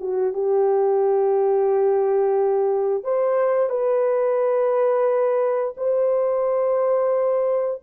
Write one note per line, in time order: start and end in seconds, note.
0.00 0.33 F#4
0.33 3.03 G4
3.03 3.69 C5
3.69 5.74 B4
5.77 7.81 C5